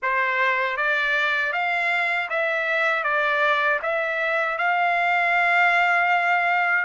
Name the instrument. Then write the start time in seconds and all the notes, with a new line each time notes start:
trumpet
0.02 C5
0.76 D5
1.53 F5
2.29 E5
3.03 D5
3.82 E5
4.58 F5